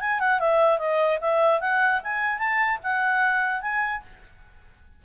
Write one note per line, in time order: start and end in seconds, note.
0.00 0.19 G#5
0.19 0.39 F#5
0.39 0.78 E5
0.78 1.18 D#5
1.20 1.60 E5
1.60 2.00 F#5
2.03 2.38 G#5
2.38 2.78 A5
2.83 3.61 F#5
3.61 4.02 G#5